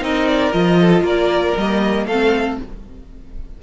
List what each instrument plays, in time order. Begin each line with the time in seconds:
0.00 cello C4, viola D#4, violin A#4 D#5
0.28 violin D5
0.53 cello F3, viola F4, violin D#5
0.81 violin A4
1.02 cello A#3, violin A#4 D5
1.57 cello G3, viola A#3, violin D#5
2.06 cello A3, viola C4, violin A4 F5